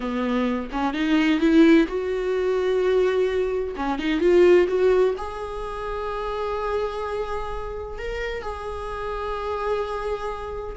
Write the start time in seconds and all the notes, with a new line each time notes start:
0.00 B3
0.72 C#4
0.93 D#4
1.40 E4
1.87 F#4
3.76 C#4
3.98 D#4
4.20 F4
4.67 F#4
5.17 G#4
7.98 A#4
8.41 G#4